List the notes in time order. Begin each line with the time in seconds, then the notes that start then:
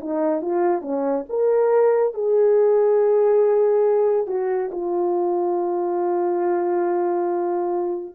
0.00 D#4
0.41 F4
0.81 C#4
1.29 A#4
2.14 G#4
4.27 F#4
4.71 F4